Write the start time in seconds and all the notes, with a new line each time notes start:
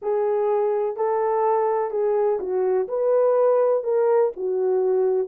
0.02 G#4
0.96 A4
1.90 G#4
2.39 F#4
2.88 B4
3.83 A#4
4.36 F#4